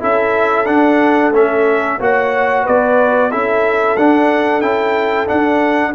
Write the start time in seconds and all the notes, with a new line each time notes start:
0.00 C#4 E4 A4 E5
0.66 D4 F#5
1.32 A3 C#4 E5
1.99 A#3 F#4 C#5 F#5
2.63 B3 B4 D5
3.30 C#4 E4 A4 E5
3.97 D4 F#5
4.61 C#4 E4 G5
5.27 D4 F#5